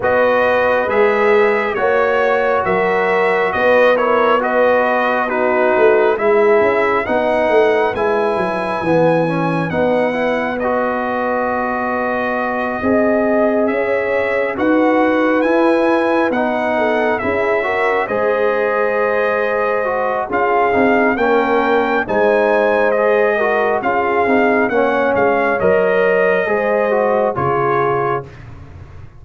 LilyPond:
<<
  \new Staff \with { instrumentName = "trumpet" } { \time 4/4 \tempo 4 = 68 dis''4 e''4 cis''4 e''4 | dis''8 cis''8 dis''4 b'4 e''4 | fis''4 gis''2 fis''4 | dis''2.~ dis''8 e''8~ |
e''8 fis''4 gis''4 fis''4 e''8~ | e''8 dis''2~ dis''8 f''4 | g''4 gis''4 dis''4 f''4 | fis''8 f''8 dis''2 cis''4 | }
  \new Staff \with { instrumentName = "horn" } { \time 4/4 b'2 cis''4 ais'4 | b'8 ais'8 b'4 fis'4 gis'4 | b'1~ | b'2~ b'8 dis''4 cis''8~ |
cis''8 b'2~ b'8 a'8 gis'8 | ais'8 c''2~ c''8 gis'4 | ais'4 c''4. ais'8 gis'4 | cis''2 c''4 gis'4 | }
  \new Staff \with { instrumentName = "trombone" } { \time 4/4 fis'4 gis'4 fis'2~ | fis'8 e'8 fis'4 dis'4 e'4 | dis'4 e'4 b8 cis'8 dis'8 e'8 | fis'2~ fis'8 gis'4.~ |
gis'8 fis'4 e'4 dis'4 e'8 | fis'8 gis'2 fis'8 f'8 dis'8 | cis'4 dis'4 gis'8 fis'8 f'8 dis'8 | cis'4 ais'4 gis'8 fis'8 f'4 | }
  \new Staff \with { instrumentName = "tuba" } { \time 4/4 b4 gis4 ais4 fis4 | b2~ b8 a8 gis8 cis'8 | b8 a8 gis8 fis8 e4 b4~ | b2~ b8 c'4 cis'8~ |
cis'8 dis'4 e'4 b4 cis'8~ | cis'8 gis2~ gis8 cis'8 c'8 | ais4 gis2 cis'8 c'8 | ais8 gis8 fis4 gis4 cis4 | }
>>